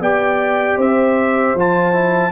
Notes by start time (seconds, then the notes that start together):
0.00 B3 G4 D5 G5
0.77 C4 C5 E5
1.55 F3 F4 A5
1.93 E4